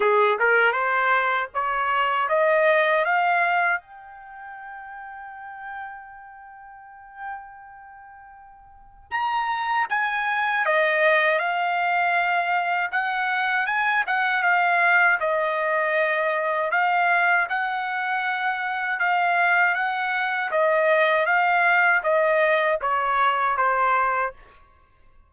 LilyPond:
\new Staff \with { instrumentName = "trumpet" } { \time 4/4 \tempo 4 = 79 gis'8 ais'8 c''4 cis''4 dis''4 | f''4 g''2.~ | g''1 | ais''4 gis''4 dis''4 f''4~ |
f''4 fis''4 gis''8 fis''8 f''4 | dis''2 f''4 fis''4~ | fis''4 f''4 fis''4 dis''4 | f''4 dis''4 cis''4 c''4 | }